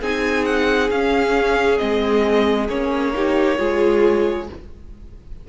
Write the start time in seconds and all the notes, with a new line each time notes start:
0.00 C4 D#4 G#4 G#5
0.45 F#5
0.90 C#4 F5
1.77 G#3 C4 D#5
2.69 A#3 C#4 C#5
3.13 D#4 G4
3.58 G#3 F4 G#4